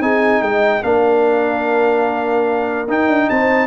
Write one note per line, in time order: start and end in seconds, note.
0.00 0.41 C4
0.00 0.82 D#4
0.00 0.42 G#4
0.00 0.43 G#5
0.41 0.82 G#3
0.41 0.84 D#5
0.41 0.83 G5
0.82 2.88 A#3
0.82 2.88 D4
0.82 3.30 A#4
0.82 2.89 F5
2.88 3.08 D#4
2.88 3.67 D#4
2.88 3.29 G5
3.08 3.28 D4
3.29 3.67 C4
3.29 3.67 C5
3.29 3.67 A5